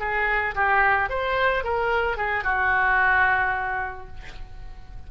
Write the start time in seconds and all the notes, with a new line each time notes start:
0.00 G#4
0.55 G4
1.10 C5
1.64 A#4
2.17 G#4
2.44 F#4